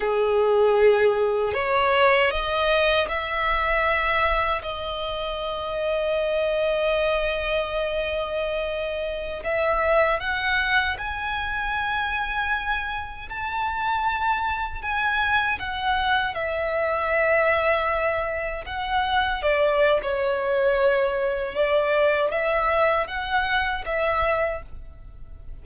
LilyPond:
\new Staff \with { instrumentName = "violin" } { \time 4/4 \tempo 4 = 78 gis'2 cis''4 dis''4 | e''2 dis''2~ | dis''1~ | dis''16 e''4 fis''4 gis''4.~ gis''16~ |
gis''4~ gis''16 a''2 gis''8.~ | gis''16 fis''4 e''2~ e''8.~ | e''16 fis''4 d''8. cis''2 | d''4 e''4 fis''4 e''4 | }